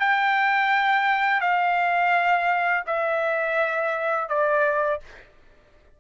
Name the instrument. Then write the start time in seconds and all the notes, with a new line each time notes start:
trumpet
0.00 G5
1.41 F5
2.87 E5
4.29 D5